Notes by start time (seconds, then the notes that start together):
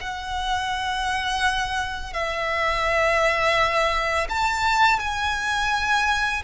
0.00 F#5
2.13 E5
4.29 A5
4.99 G#5